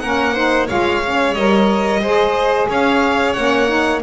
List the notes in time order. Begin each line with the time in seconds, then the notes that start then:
0.00 A#3 C#4 A#4 F#5
0.34 D#4 C5
0.67 G#3 F4 C#5 F5
1.05 C#4
1.34 G3 A#4 D#5
2.00 G#3 G#4 C5
2.70 C#4 C#5 F5
3.33 A#3 C#4 F#5
3.68 D#4